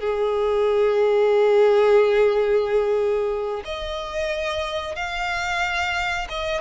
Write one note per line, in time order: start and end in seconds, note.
0.00 3.63 G#4
3.65 4.96 D#5
4.96 6.28 F5
6.29 6.61 D#5